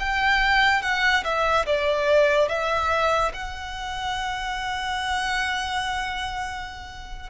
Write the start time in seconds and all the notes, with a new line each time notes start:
0.00 G5
0.82 F#5
1.24 E5
1.66 D5
2.49 E5
3.34 F#5